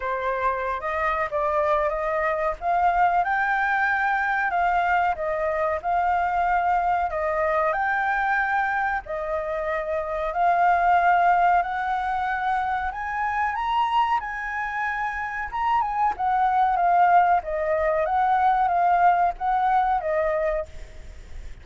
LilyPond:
\new Staff \with { instrumentName = "flute" } { \time 4/4 \tempo 4 = 93 c''4~ c''16 dis''8. d''4 dis''4 | f''4 g''2 f''4 | dis''4 f''2 dis''4 | g''2 dis''2 |
f''2 fis''2 | gis''4 ais''4 gis''2 | ais''8 gis''8 fis''4 f''4 dis''4 | fis''4 f''4 fis''4 dis''4 | }